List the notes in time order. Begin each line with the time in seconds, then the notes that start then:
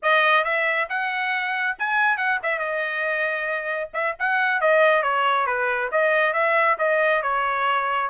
0.02 D#5
0.44 E5
0.89 F#5
1.78 G#5
2.17 F#5
2.42 E5
2.58 D#5
3.93 E5
4.19 F#5
4.60 D#5
5.02 C#5
5.46 B4
5.91 D#5
6.33 E5
6.78 D#5
7.22 C#5